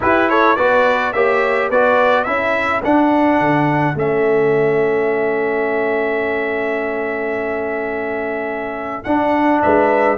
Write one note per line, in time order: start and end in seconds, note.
0.00 0.56 E4
0.00 0.57 E4
0.00 0.29 G4
0.00 0.29 B4
0.29 0.55 A4
0.29 0.56 C#5
0.55 1.14 B3
0.55 1.14 F#4
0.55 1.12 B4
0.55 1.12 D5
1.12 1.70 A#3
1.12 1.72 G4
1.12 1.70 C#5
1.12 1.69 E5
1.70 2.26 B3
1.70 2.25 F#4
1.70 2.25 B4
1.70 2.24 D5
2.24 2.83 C#4
2.24 2.82 E4
2.24 9.60 A4
2.24 2.80 E5
2.84 3.40 D4
2.84 3.95 D4
2.84 3.97 F#5
3.40 3.95 D3
3.95 9.04 A3
3.95 9.04 C#4
3.95 9.03 E5
9.03 9.62 D4
9.03 10.18 D4
9.03 9.60 F#5
9.61 10.18 G#3
9.61 10.18 B4
9.61 10.18 E5